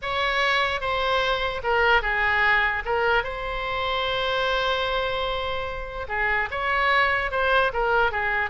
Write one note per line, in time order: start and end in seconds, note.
0.01 0.80 C#5
0.80 1.61 C5
1.63 2.02 A#4
2.02 2.83 G#4
2.85 3.23 A#4
3.23 6.07 C5
6.08 6.49 G#4
6.50 7.31 C#5
7.31 7.71 C5
7.73 8.11 A#4
8.11 8.50 G#4